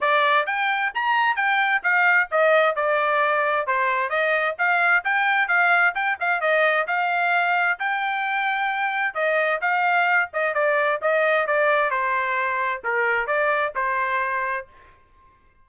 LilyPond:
\new Staff \with { instrumentName = "trumpet" } { \time 4/4 \tempo 4 = 131 d''4 g''4 ais''4 g''4 | f''4 dis''4 d''2 | c''4 dis''4 f''4 g''4 | f''4 g''8 f''8 dis''4 f''4~ |
f''4 g''2. | dis''4 f''4. dis''8 d''4 | dis''4 d''4 c''2 | ais'4 d''4 c''2 | }